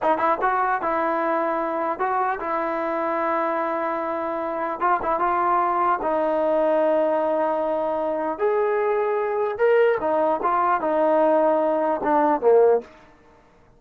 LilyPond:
\new Staff \with { instrumentName = "trombone" } { \time 4/4 \tempo 4 = 150 dis'8 e'8 fis'4 e'2~ | e'4 fis'4 e'2~ | e'1 | f'8 e'8 f'2 dis'4~ |
dis'1~ | dis'4 gis'2. | ais'4 dis'4 f'4 dis'4~ | dis'2 d'4 ais4 | }